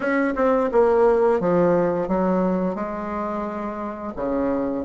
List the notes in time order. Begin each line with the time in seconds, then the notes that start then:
0.00 C#4
0.35 C4
0.71 A#3
1.39 F3
2.08 F#3
2.75 G#3
4.16 C#3